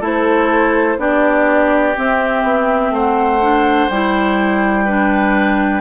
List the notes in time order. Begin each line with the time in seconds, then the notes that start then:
0.00 A3 E4 A4 C5
0.98 B3 D4 G4 D5
1.96 C4 E5
2.43 B3
2.90 A3 C5 F#5
3.41 D4
3.89 G3 E4 G5
4.84 D4 B4